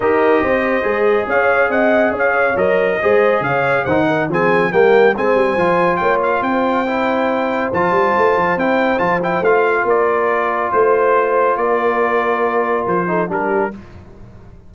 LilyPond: <<
  \new Staff \with { instrumentName = "trumpet" } { \time 4/4 \tempo 4 = 140 dis''2. f''4 | fis''4 f''4 dis''2 | f''4 fis''4 gis''4 g''4 | gis''2 g''8 f''8 g''4~ |
g''2 a''2 | g''4 a''8 g''8 f''4 d''4~ | d''4 c''2 d''4~ | d''2 c''4 ais'4 | }
  \new Staff \with { instrumentName = "horn" } { \time 4/4 ais'4 c''2 cis''4 | dis''4 cis''2 c''4 | cis''4 c''8 ais'8 gis'4 ais'4 | c''2 cis''4 c''4~ |
c''1~ | c''2. ais'4~ | ais'4 c''2 ais'4~ | ais'2~ ais'8 a'8 g'4 | }
  \new Staff \with { instrumentName = "trombone" } { \time 4/4 g'2 gis'2~ | gis'2 ais'4 gis'4~ | gis'4 dis'4 c'4 ais4 | c'4 f'2. |
e'2 f'2 | e'4 f'8 e'8 f'2~ | f'1~ | f'2~ f'8 dis'8 d'4 | }
  \new Staff \with { instrumentName = "tuba" } { \time 4/4 dis'4 c'4 gis4 cis'4 | c'4 cis'4 fis4 gis4 | cis4 dis4 f4 g4 | gis8 g8 f4 ais4 c'4~ |
c'2 f8 g8 a8 f8 | c'4 f4 a4 ais4~ | ais4 a2 ais4~ | ais2 f4 g4 | }
>>